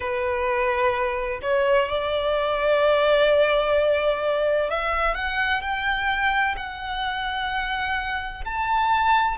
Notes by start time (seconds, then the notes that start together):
0.00 B4
1.42 C#5
1.88 D5
4.70 E5
5.14 F#5
5.61 G5
6.56 F#5
8.45 A5